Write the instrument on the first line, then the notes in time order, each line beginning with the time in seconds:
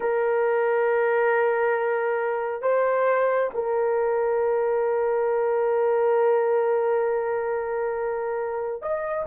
horn
0.00 A#4
2.61 C5
3.53 A#4
8.82 D#5